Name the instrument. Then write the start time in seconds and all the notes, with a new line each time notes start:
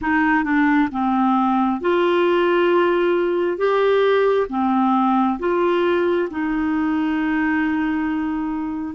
clarinet
0.01 D#4
0.44 D4
0.91 C4
1.80 F4
3.57 G4
4.49 C4
5.39 F4
6.30 D#4